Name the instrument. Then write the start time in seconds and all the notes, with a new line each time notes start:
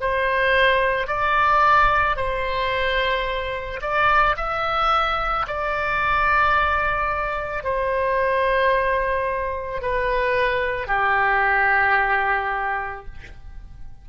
oboe
0.00 C5
1.07 D5
2.16 C5
3.81 D5
4.36 E5
5.47 D5
7.64 C5
9.81 B4
10.87 G4